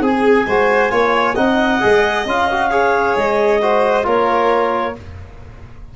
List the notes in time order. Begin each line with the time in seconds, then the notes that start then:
0.00 C4 G#4 G#5
0.46 G#3 F#4 C5
0.90 A#3 F4 C#5
1.35 C4 D#4 D#5 F#5
1.80 G#3 G#4
2.25 C#4 F4 F5
2.50 F#4
2.71 G#4 C#5
3.16 G#3 D#5
3.61 F#4 C5
4.03 A#3 F4 A#4 C#5